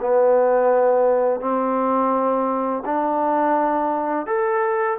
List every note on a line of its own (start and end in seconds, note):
0.00 1.40 B3
1.40 2.83 C4
2.85 4.26 D4
4.26 4.97 A4